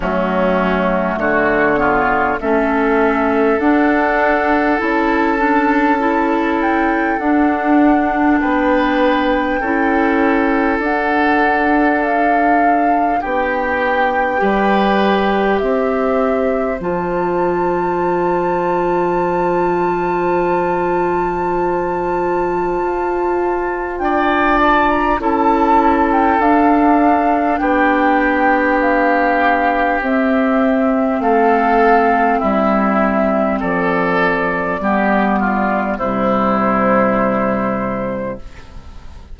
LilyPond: <<
  \new Staff \with { instrumentName = "flute" } { \time 4/4 \tempo 4 = 50 fis'4 cis''4 e''4 fis''4 | a''4. g''8 fis''4 g''4~ | g''4 fis''4 f''4 g''4~ | g''4 e''4 a''2~ |
a''1 | g''8 a''16 ais''16 a''8. g''16 f''4 g''4 | f''4 e''4 f''4 e''4 | d''2 c''2 | }
  \new Staff \with { instrumentName = "oboe" } { \time 4/4 cis'4 fis'8 f'8 a'2~ | a'2. b'4 | a'2. g'4 | b'4 c''2.~ |
c''1 | d''4 a'2 g'4~ | g'2 a'4 e'4 | a'4 g'8 f'8 e'2 | }
  \new Staff \with { instrumentName = "clarinet" } { \time 4/4 a4. b8 cis'4 d'4 | e'8 d'8 e'4 d'2 | e'4 d'2. | g'2 f'2~ |
f'1~ | f'4 e'4 d'2~ | d'4 c'2.~ | c'4 b4 g2 | }
  \new Staff \with { instrumentName = "bassoon" } { \time 4/4 fis4 d4 a4 d'4 | cis'2 d'4 b4 | cis'4 d'2 b4 | g4 c'4 f2~ |
f2. f'4 | d'4 cis'4 d'4 b4~ | b4 c'4 a4 g4 | f4 g4 c2 | }
>>